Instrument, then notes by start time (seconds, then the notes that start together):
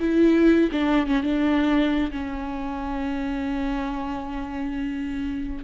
viola
0.00 E4
0.72 D4
1.07 C#4
1.23 D4
2.12 C#4